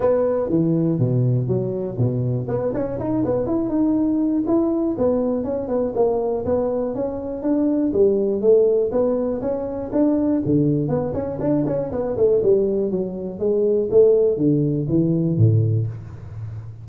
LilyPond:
\new Staff \with { instrumentName = "tuba" } { \time 4/4 \tempo 4 = 121 b4 e4 b,4 fis4 | b,4 b8 cis'8 dis'8 b8 e'8 dis'8~ | dis'4 e'4 b4 cis'8 b8 | ais4 b4 cis'4 d'4 |
g4 a4 b4 cis'4 | d'4 d4 b8 cis'8 d'8 cis'8 | b8 a8 g4 fis4 gis4 | a4 d4 e4 a,4 | }